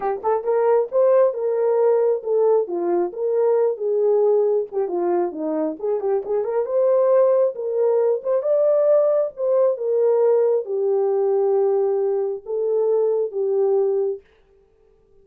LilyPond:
\new Staff \with { instrumentName = "horn" } { \time 4/4 \tempo 4 = 135 g'8 a'8 ais'4 c''4 ais'4~ | ais'4 a'4 f'4 ais'4~ | ais'8 gis'2 g'8 f'4 | dis'4 gis'8 g'8 gis'8 ais'8 c''4~ |
c''4 ais'4. c''8 d''4~ | d''4 c''4 ais'2 | g'1 | a'2 g'2 | }